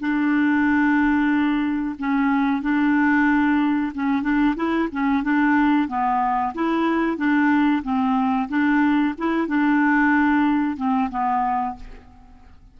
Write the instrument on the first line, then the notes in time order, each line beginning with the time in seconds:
clarinet
0.00 D4
1.99 C#4
2.62 D4
3.95 C#4
4.22 D4
4.56 E4
4.92 C#4
5.23 D4
5.88 B3
6.54 E4
7.17 D4
7.83 C4
8.49 D4
9.18 E4
9.48 D4
10.77 C4
11.10 B3